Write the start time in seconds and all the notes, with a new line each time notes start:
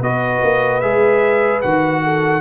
0.00 B3 F#4 B4 D#5
0.42 A#3
0.80 G#3 G#4 E5
1.61 D#3 F#4 F#5
2.03 A4